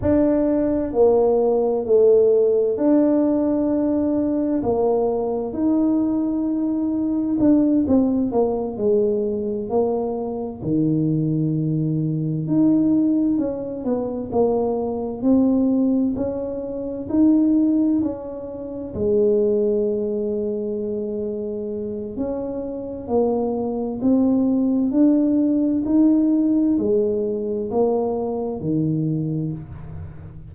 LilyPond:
\new Staff \with { instrumentName = "tuba" } { \time 4/4 \tempo 4 = 65 d'4 ais4 a4 d'4~ | d'4 ais4 dis'2 | d'8 c'8 ais8 gis4 ais4 dis8~ | dis4. dis'4 cis'8 b8 ais8~ |
ais8 c'4 cis'4 dis'4 cis'8~ | cis'8 gis2.~ gis8 | cis'4 ais4 c'4 d'4 | dis'4 gis4 ais4 dis4 | }